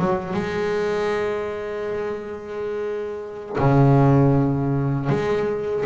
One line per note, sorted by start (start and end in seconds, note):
0.00 0.33 F#3
0.33 3.56 G#3
3.58 5.09 C#3
5.09 5.85 G#3